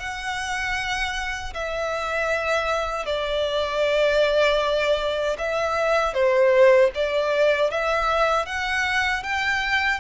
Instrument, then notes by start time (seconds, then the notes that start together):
violin
0.00 F#5
1.54 E5
3.06 D5
5.38 E5
6.14 C5
6.95 D5
7.71 E5
8.46 F#5
9.23 G5